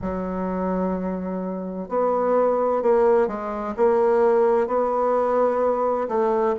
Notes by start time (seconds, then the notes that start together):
0.01 F#3
1.88 B3
2.82 A#3
3.27 G#3
3.77 A#3
4.67 B3
6.08 A3